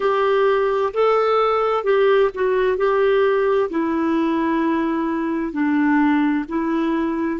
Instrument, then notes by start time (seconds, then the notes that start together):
clarinet
0.00 G4
0.93 A4
1.83 G4
2.34 F#4
2.77 G4
3.70 E4
5.52 D4
6.48 E4